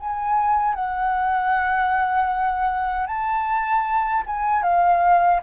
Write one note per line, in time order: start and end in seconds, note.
0.00 0.75 G#5
0.75 3.07 F#5
3.07 4.24 A5
4.26 4.63 G#5
4.63 5.41 F5